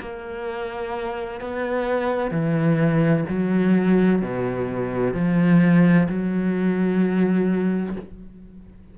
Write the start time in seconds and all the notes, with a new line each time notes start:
0.00 A#3
1.40 B3
2.31 E3
3.29 F#3
4.21 B2
5.14 F3
6.08 F#3